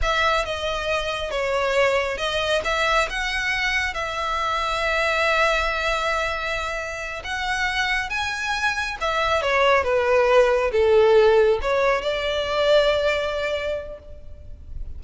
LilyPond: \new Staff \with { instrumentName = "violin" } { \time 4/4 \tempo 4 = 137 e''4 dis''2 cis''4~ | cis''4 dis''4 e''4 fis''4~ | fis''4 e''2.~ | e''1~ |
e''8 fis''2 gis''4.~ | gis''8 e''4 cis''4 b'4.~ | b'8 a'2 cis''4 d''8~ | d''1 | }